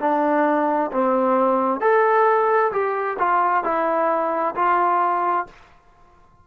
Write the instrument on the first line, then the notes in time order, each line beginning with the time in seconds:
trombone
0.00 D4
0.91 C4
1.81 A4
2.72 G4
3.19 F4
3.64 E4
4.55 F4